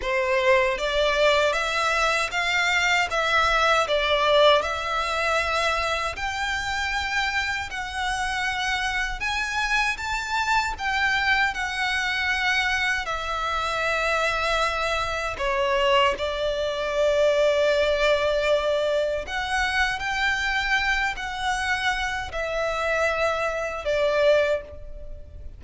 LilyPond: \new Staff \with { instrumentName = "violin" } { \time 4/4 \tempo 4 = 78 c''4 d''4 e''4 f''4 | e''4 d''4 e''2 | g''2 fis''2 | gis''4 a''4 g''4 fis''4~ |
fis''4 e''2. | cis''4 d''2.~ | d''4 fis''4 g''4. fis''8~ | fis''4 e''2 d''4 | }